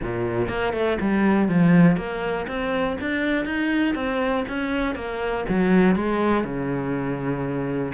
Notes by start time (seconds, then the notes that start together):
0.02 A#2
0.48 A#3
0.73 A3
1.00 G3
1.48 F3
1.96 A#3
2.47 C4
3.00 D4
3.45 D#4
3.94 C4
4.48 C#4
4.95 A#3
5.48 F#3
5.95 G#3
6.44 C#3